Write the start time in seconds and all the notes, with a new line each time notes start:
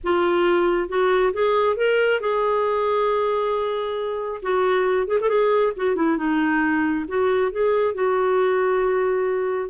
0.03 F4
0.88 F#4
1.33 G#4
1.76 A#4
2.20 G#4
4.42 F#4
5.07 G#4
5.20 A4
5.28 G#4
5.76 F#4
5.95 E4
6.17 D#4
7.08 F#4
7.51 G#4
7.94 F#4